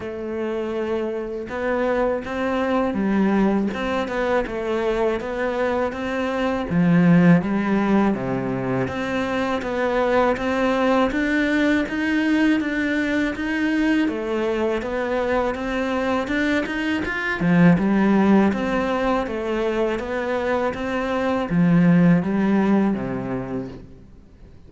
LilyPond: \new Staff \with { instrumentName = "cello" } { \time 4/4 \tempo 4 = 81 a2 b4 c'4 | g4 c'8 b8 a4 b4 | c'4 f4 g4 c4 | c'4 b4 c'4 d'4 |
dis'4 d'4 dis'4 a4 | b4 c'4 d'8 dis'8 f'8 f8 | g4 c'4 a4 b4 | c'4 f4 g4 c4 | }